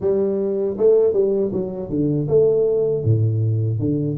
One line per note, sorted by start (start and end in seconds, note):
0.00 0.76 G3
0.77 1.13 A3
1.13 1.51 G3
1.52 1.89 F#3
1.89 2.27 D3
2.28 3.03 A3
3.03 3.79 A2
3.79 4.17 D3